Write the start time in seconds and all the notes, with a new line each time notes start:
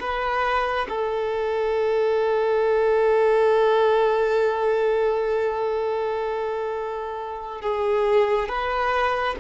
0.00 B4
0.89 A4
7.62 G#4
8.49 B4